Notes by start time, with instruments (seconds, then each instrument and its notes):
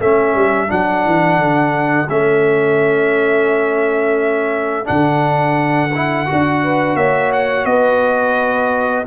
0.00 tuba A3, trombone C#4, horn A4, trumpet E5
0.35 tuba G3
0.68 tuba F#3, trombone D4, trumpet F#5
1.06 tuba E3
1.38 tuba D3
2.09 tuba A3, trombone C#4, trumpet E5
4.85 tuba D3, trombone D4, trumpet F#5
5.95 trombone E4
6.26 trombone F#4
6.32 tuba D4
6.63 horn B4
6.95 tuba A#3, horn C#5, trumpet E5
7.33 trumpet F#5
7.65 tuba B3, horn B4, trumpet D#5